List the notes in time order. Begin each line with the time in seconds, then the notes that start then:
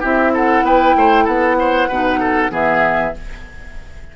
0.00 C4 E4 G4 E5
0.34 A4 F#5
0.62 B3 B4 G5
0.95 A3 C5
1.24 B3 A4 F#5
1.59 C5
1.88 B2 D#4 B4
2.20 A4
2.49 E3 B3 G#4 E5